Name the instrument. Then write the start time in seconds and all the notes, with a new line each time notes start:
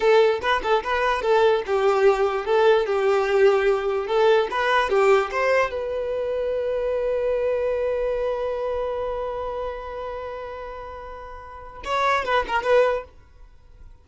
violin
0.00 A4
0.41 B4
0.63 A4
0.83 B4
1.21 A4
1.66 G4
2.45 A4
2.86 G4
4.07 A4
4.50 B4
4.89 G4
5.31 C5
5.70 B4
11.84 C#5
12.24 B4
12.47 A#4
12.63 B4